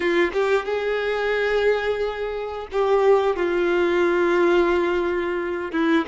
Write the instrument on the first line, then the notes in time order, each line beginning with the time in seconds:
violin
0.00 F4
0.33 G4
0.65 G#4
2.72 G4
3.36 F4
5.71 E4